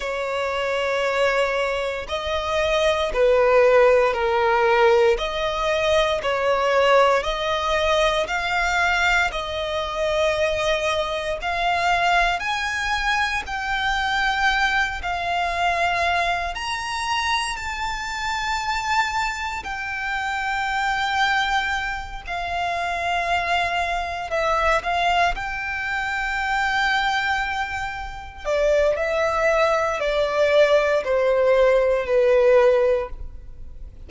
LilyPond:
\new Staff \with { instrumentName = "violin" } { \time 4/4 \tempo 4 = 58 cis''2 dis''4 b'4 | ais'4 dis''4 cis''4 dis''4 | f''4 dis''2 f''4 | gis''4 g''4. f''4. |
ais''4 a''2 g''4~ | g''4. f''2 e''8 | f''8 g''2. d''8 | e''4 d''4 c''4 b'4 | }